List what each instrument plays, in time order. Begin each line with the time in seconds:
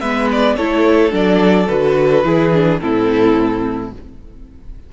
0.00 cello G#3, viola B3, violin B4 E5
0.32 violin D5
0.56 cello A3, viola E4, violin A4 C#5
1.11 cello F#3, viola D4, violin D5
1.68 cello D3, viola F#4, violin B4
2.24 cello E3, viola E4, violin G#4
2.53 viola D4
2.79 cello A2, viola C4, violin E4 A4